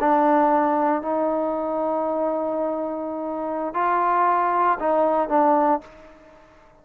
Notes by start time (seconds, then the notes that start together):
0.00 D4
1.02 D#4
3.74 F4
4.80 D#4
5.29 D4